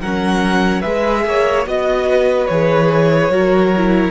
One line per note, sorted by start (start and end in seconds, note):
0.00 0.83 F#3
0.00 0.83 C#4
0.00 0.81 A#4
0.00 0.82 F#5
0.81 1.26 G#3
0.81 1.65 G#4
0.81 1.22 B4
0.81 1.64 E5
1.26 1.66 A#3
1.26 1.68 C#5
1.66 2.48 B3
1.66 2.48 F#4
1.66 2.46 D#5
1.66 2.09 D#5
2.09 3.32 B4
2.46 3.29 E3
2.46 3.31 G#4
2.46 4.10 C#5
3.29 4.11 F#3
3.29 3.72 F#4
3.29 4.11 A#4
3.77 4.11 E4